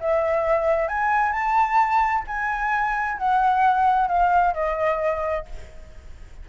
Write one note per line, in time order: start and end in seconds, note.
0.00 0.88 E5
0.88 1.32 G#5
1.32 2.24 A5
2.27 3.17 G#5
3.17 4.07 F#5
4.07 4.53 F5
4.53 5.45 D#5